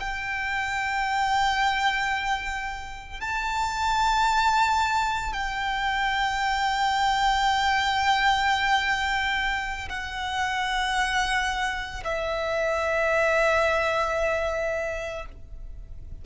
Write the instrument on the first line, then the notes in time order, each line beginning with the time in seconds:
violin
0.00 G5
3.21 A5
5.33 G5
9.90 F#5
12.04 E5